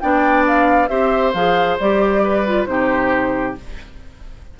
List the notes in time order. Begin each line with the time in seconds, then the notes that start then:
0.00 B3 D4 D5 G5
0.47 F5
0.87 C4 G4 C5 E5
1.33 F3 G#4 F5
1.79 G3 G4 D5
2.23 B4
2.45 F4
2.65 C3 D#4 G4 C5